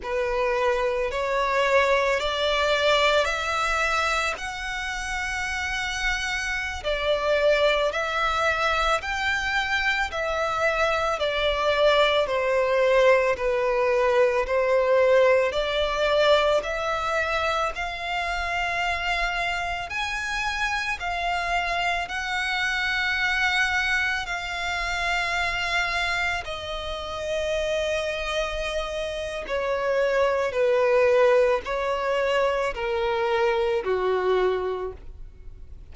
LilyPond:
\new Staff \with { instrumentName = "violin" } { \time 4/4 \tempo 4 = 55 b'4 cis''4 d''4 e''4 | fis''2~ fis''16 d''4 e''8.~ | e''16 g''4 e''4 d''4 c''8.~ | c''16 b'4 c''4 d''4 e''8.~ |
e''16 f''2 gis''4 f''8.~ | f''16 fis''2 f''4.~ f''16~ | f''16 dis''2~ dis''8. cis''4 | b'4 cis''4 ais'4 fis'4 | }